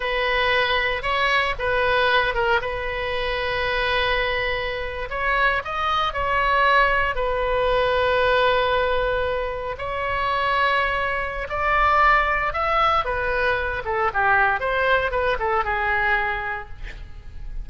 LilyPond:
\new Staff \with { instrumentName = "oboe" } { \time 4/4 \tempo 4 = 115 b'2 cis''4 b'4~ | b'8 ais'8 b'2.~ | b'4.~ b'16 cis''4 dis''4 cis''16~ | cis''4.~ cis''16 b'2~ b'16~ |
b'2~ b'8. cis''4~ cis''16~ | cis''2 d''2 | e''4 b'4. a'8 g'4 | c''4 b'8 a'8 gis'2 | }